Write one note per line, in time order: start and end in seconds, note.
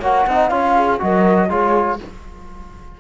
0.00 0.26 A#3
0.00 0.29 F#4
0.00 0.25 C#5
0.00 0.48 F#5
0.27 0.51 C4
0.27 0.51 D#4
0.27 0.51 D#5
0.48 1.00 C#4
0.48 0.99 F4
0.48 0.76 C#5
0.48 0.98 F5
0.76 1.01 G#4
0.99 1.50 F#3
0.99 1.49 F#4
0.99 1.49 A#4
0.99 1.51 D#5
1.49 2.00 G#3
1.49 1.99 F4
1.49 1.99 G#4
1.49 2.00 C#5